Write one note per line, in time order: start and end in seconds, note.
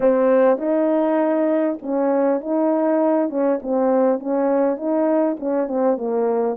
0.00 0.58 C4
0.58 1.78 D#4
1.82 2.40 C#4
2.40 3.29 D#4
3.29 3.59 C#4
3.62 4.19 C4
4.19 4.76 C#4
4.76 5.36 D#4
5.39 5.67 C#4
5.67 5.97 C4
5.97 6.56 A#3